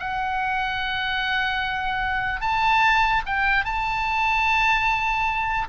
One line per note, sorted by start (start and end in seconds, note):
0.00 2.41 F#5
2.41 3.22 A5
3.26 3.65 G5
3.65 5.68 A5